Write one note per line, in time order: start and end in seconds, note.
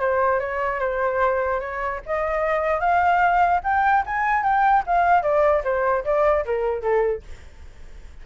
0.00 0.40 C5
0.40 0.80 C#5
0.80 1.60 C5
1.60 2.00 C#5
2.06 2.80 D#5
2.80 3.60 F5
3.63 4.04 G5
4.06 4.43 G#5
4.43 4.83 G5
4.86 5.22 F5
5.22 5.63 D5
5.64 6.04 C5
6.04 6.44 D5
6.45 6.82 A#4
6.82 7.22 A4